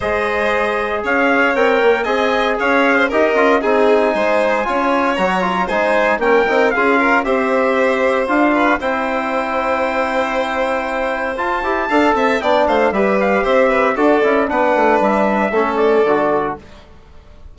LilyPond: <<
  \new Staff \with { instrumentName = "trumpet" } { \time 4/4 \tempo 4 = 116 dis''2 f''4 g''4 | gis''4 f''4 dis''4 gis''4~ | gis''2 ais''4 gis''4 | g''4 f''4 e''2 |
f''4 g''2.~ | g''2 a''2 | g''8 f''8 e''8 f''8 e''4 d''4 | fis''4 e''4. d''4. | }
  \new Staff \with { instrumentName = "violin" } { \time 4/4 c''2 cis''2 | dis''4 cis''8. c''16 ais'4 gis'4 | c''4 cis''2 c''4 | ais'4 gis'8 ais'8 c''2~ |
c''8 b'8 c''2.~ | c''2. f''8 e''8 | d''8 c''8 b'4 c''8 b'8 a'4 | b'2 a'2 | }
  \new Staff \with { instrumentName = "trombone" } { \time 4/4 gis'2. ais'4 | gis'2 g'8 f'8 dis'4~ | dis'4 f'4 fis'8 f'8 dis'4 | cis'8 dis'8 f'4 g'2 |
f'4 e'2.~ | e'2 f'8 g'8 a'4 | d'4 g'2 fis'8 e'8 | d'2 cis'4 fis'4 | }
  \new Staff \with { instrumentName = "bassoon" } { \time 4/4 gis2 cis'4 c'8 ais8 | c'4 cis'4 dis'8 cis'8 c'4 | gis4 cis'4 fis4 gis4 | ais8 c'8 cis'4 c'2 |
d'4 c'2.~ | c'2 f'8 e'8 d'8 c'8 | b8 a8 g4 c'4 d'8 cis'8 | b8 a8 g4 a4 d4 | }
>>